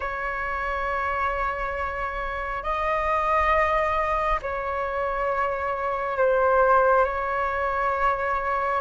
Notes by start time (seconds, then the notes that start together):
0.00 C#5
2.63 D#5
4.42 C#5
6.17 C5
7.04 C#5